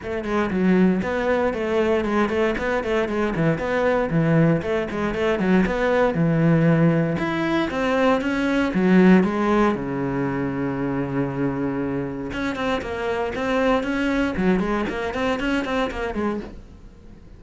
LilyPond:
\new Staff \with { instrumentName = "cello" } { \time 4/4 \tempo 4 = 117 a8 gis8 fis4 b4 a4 | gis8 a8 b8 a8 gis8 e8 b4 | e4 a8 gis8 a8 fis8 b4 | e2 e'4 c'4 |
cis'4 fis4 gis4 cis4~ | cis1 | cis'8 c'8 ais4 c'4 cis'4 | fis8 gis8 ais8 c'8 cis'8 c'8 ais8 gis8 | }